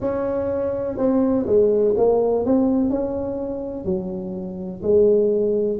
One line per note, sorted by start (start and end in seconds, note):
0.00 0.97 C#4
0.97 1.45 C4
1.46 1.94 G#3
1.96 2.45 A#3
2.45 2.90 C4
2.90 3.84 C#4
3.84 4.81 F#3
4.82 5.79 G#3